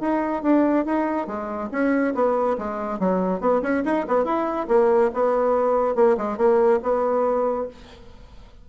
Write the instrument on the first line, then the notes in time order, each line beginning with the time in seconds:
bassoon
0.00 D#4
0.43 D4
0.85 D#4
1.27 G#3
1.72 C#4
2.14 B3
2.58 G#3
2.99 F#3
3.40 B3
3.62 C#4
3.85 D#4
4.08 B3
4.24 E4
4.68 A#3
5.14 B3
5.95 A#3
6.17 G#3
6.37 A#3
6.83 B3